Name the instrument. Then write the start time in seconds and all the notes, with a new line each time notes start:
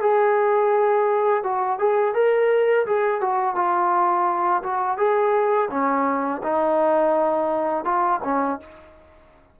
trombone
0.00 G#4
1.43 F#4
1.79 G#4
2.14 A#4
2.86 G#4
3.20 F#4
3.55 F4
4.63 F#4
4.97 G#4
5.70 C#4
6.43 D#4
7.84 F4
8.24 C#4